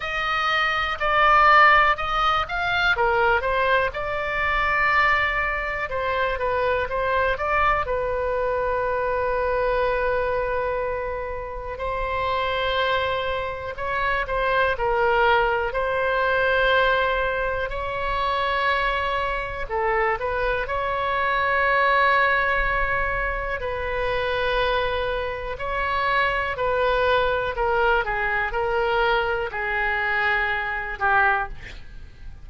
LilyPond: \new Staff \with { instrumentName = "oboe" } { \time 4/4 \tempo 4 = 61 dis''4 d''4 dis''8 f''8 ais'8 c''8 | d''2 c''8 b'8 c''8 d''8 | b'1 | c''2 cis''8 c''8 ais'4 |
c''2 cis''2 | a'8 b'8 cis''2. | b'2 cis''4 b'4 | ais'8 gis'8 ais'4 gis'4. g'8 | }